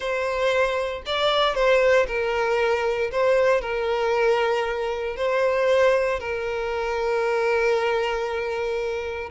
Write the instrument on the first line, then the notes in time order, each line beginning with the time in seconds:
violin
0.00 C5
1.06 D5
1.54 C5
2.07 A#4
3.11 C5
3.61 A#4
5.16 C5
6.19 A#4